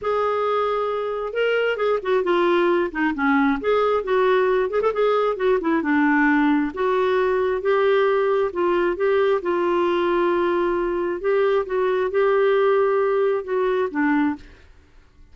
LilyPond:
\new Staff \with { instrumentName = "clarinet" } { \time 4/4 \tempo 4 = 134 gis'2. ais'4 | gis'8 fis'8 f'4. dis'8 cis'4 | gis'4 fis'4. gis'16 a'16 gis'4 | fis'8 e'8 d'2 fis'4~ |
fis'4 g'2 f'4 | g'4 f'2.~ | f'4 g'4 fis'4 g'4~ | g'2 fis'4 d'4 | }